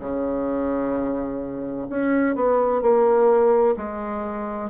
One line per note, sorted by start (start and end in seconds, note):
0.00 1.87 C#3
1.90 2.36 C#4
2.36 2.82 B3
2.82 3.76 A#3
3.77 4.70 G#3